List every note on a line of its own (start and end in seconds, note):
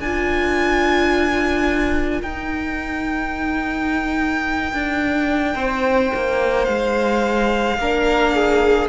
0.00 2.22 D4
0.00 2.25 F4
0.00 5.55 A#4
0.00 2.22 G#5
2.22 4.72 D#4
2.22 7.80 D#4
2.22 6.65 G5
4.73 5.55 D4
5.55 6.11 C4
5.55 7.77 C5
6.14 6.68 A#3
6.65 7.78 G#3
6.65 8.87 F5
7.78 8.89 A#3
7.78 8.89 D4
7.78 8.35 A#4
8.35 8.89 G#4